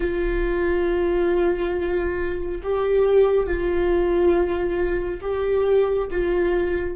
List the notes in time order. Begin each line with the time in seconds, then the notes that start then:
0.00 F4
2.63 G4
3.46 F4
5.21 G4
6.11 F4